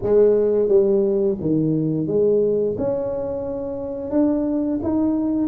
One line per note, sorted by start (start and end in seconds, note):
0.02 0.68 G#3
0.68 1.37 G3
1.40 2.07 D#3
2.07 2.76 G#3
2.77 4.10 C#4
4.10 4.79 D4
4.82 5.47 D#4